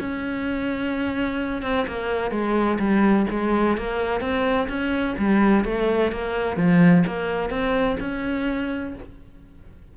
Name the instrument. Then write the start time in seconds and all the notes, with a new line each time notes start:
cello
0.00 C#4
1.62 C4
1.87 A#3
2.31 G#3
2.79 G3
3.30 G#3
3.78 A#3
4.21 C4
4.69 C#4
5.18 G3
5.65 A3
6.12 A#3
6.57 F3
7.07 A#3
7.50 C4
8.00 C#4